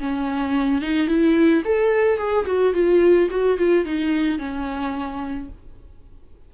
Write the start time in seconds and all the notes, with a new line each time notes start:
0.00 C#4
0.82 D#4
1.08 E4
1.65 A4
2.18 G#4
2.46 F#4
2.74 F4
3.31 F#4
3.58 F4
3.86 D#4
4.39 C#4